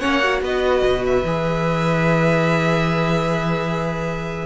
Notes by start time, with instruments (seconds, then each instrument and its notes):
0.00 cello A#3, viola C#4, violin C#5 F#5
0.22 viola F#4
0.41 cello B3, violin B4 D#5
0.83 cello B2
1.05 violin E5
1.23 cello E3, viola G#4